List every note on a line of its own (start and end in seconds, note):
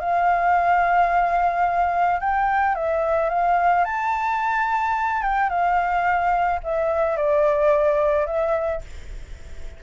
0.00 2.20 F5
2.20 2.75 G5
2.75 3.30 E5
3.30 3.85 F5
3.85 5.22 A5
5.22 5.50 G5
5.50 6.60 F5
6.64 7.17 E5
7.17 8.26 D5
8.26 8.81 E5